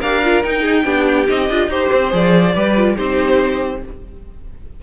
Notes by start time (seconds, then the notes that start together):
0.00 D4 G4 A#4 F5
0.24 F4
0.43 D#4 G5
0.62 G#4
0.84 B3 D4 G4
1.27 C4 D#4 D#5
1.49 D4 F4
1.67 D#4 G4 C5
1.93 C4
2.11 F3 G#4 D5
2.55 G3 G4 B4
2.77 F4
2.96 C4 D#4 G4 C5